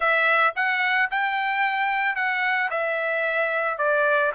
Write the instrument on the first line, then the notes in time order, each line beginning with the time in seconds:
trumpet
0.00 E5
0.55 F#5
1.10 G5
2.15 F#5
2.70 E5
3.77 D5